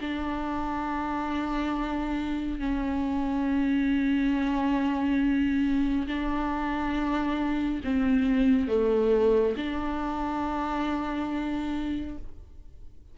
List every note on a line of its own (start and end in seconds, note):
0.00 2.58 D4
2.58 6.06 C#4
6.07 7.81 D4
7.83 8.68 C4
8.68 9.55 A3
9.56 12.17 D4